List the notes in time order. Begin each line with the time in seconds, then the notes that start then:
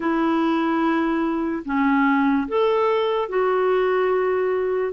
0.00 E4
1.65 C#4
2.47 A4
3.29 F#4